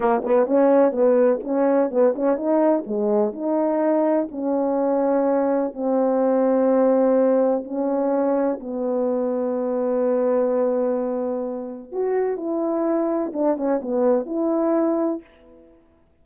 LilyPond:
\new Staff \with { instrumentName = "horn" } { \time 4/4 \tempo 4 = 126 ais8 b8 cis'4 b4 cis'4 | b8 cis'8 dis'4 gis4 dis'4~ | dis'4 cis'2. | c'1 |
cis'2 b2~ | b1~ | b4 fis'4 e'2 | d'8 cis'8 b4 e'2 | }